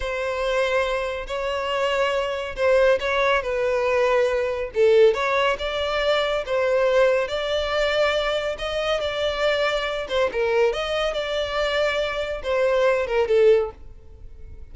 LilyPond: \new Staff \with { instrumentName = "violin" } { \time 4/4 \tempo 4 = 140 c''2. cis''4~ | cis''2 c''4 cis''4 | b'2. a'4 | cis''4 d''2 c''4~ |
c''4 d''2. | dis''4 d''2~ d''8 c''8 | ais'4 dis''4 d''2~ | d''4 c''4. ais'8 a'4 | }